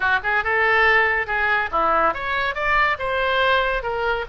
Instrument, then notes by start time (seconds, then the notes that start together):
oboe
0.00 F#4
0.23 G#4
0.44 A4
1.26 G#4
1.71 E4
2.14 C#5
2.54 D5
2.99 C5
3.82 A#4